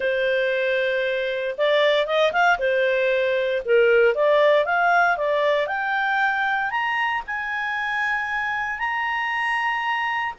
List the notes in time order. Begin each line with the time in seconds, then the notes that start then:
0.00 C5
1.57 D5
2.06 D#5
2.32 F5
2.58 C5
3.65 A#4
4.14 D5
4.65 F5
5.17 D5
5.67 G5
6.70 A#5
7.26 G#5
8.78 A#5